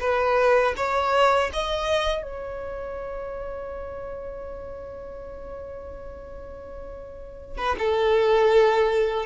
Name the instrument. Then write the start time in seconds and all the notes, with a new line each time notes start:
violin
0.00 B4
0.76 C#5
1.53 D#5
2.22 C#5
7.57 B4
7.78 A4